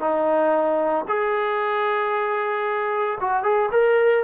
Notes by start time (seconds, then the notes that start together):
0.00 D#4
1.08 G#4
3.20 F#4
3.43 G#4
3.72 A#4